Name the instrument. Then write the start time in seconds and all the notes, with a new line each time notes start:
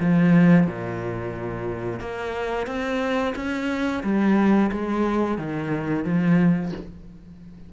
cello
0.00 F3
0.67 A#2
2.00 A#3
2.67 C4
3.36 C#4
4.03 G3
4.71 G#3
5.38 D#3
6.05 F3